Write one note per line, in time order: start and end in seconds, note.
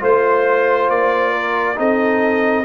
0.00 0.90 A3
0.00 1.76 F4
0.00 1.31 C5
0.00 0.90 C5
0.90 1.78 A#3
0.90 1.78 D5
1.31 1.75 A#4
1.76 2.65 C4
1.76 2.64 D#4
1.76 2.65 A4
1.76 2.65 D#5